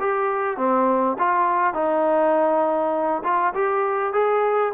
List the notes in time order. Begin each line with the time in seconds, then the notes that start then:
0.00 G4
0.58 C4
1.19 F4
1.74 D#4
3.24 F4
3.55 G4
4.13 G#4